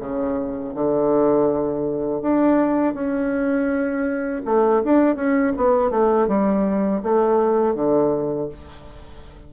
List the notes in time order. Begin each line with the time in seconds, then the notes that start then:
0.00 C#3
0.75 D3
2.22 D4
2.94 C#4
4.46 A3
4.85 D4
5.16 C#4
5.57 B3
5.91 A3
6.28 G3
7.03 A3
7.75 D3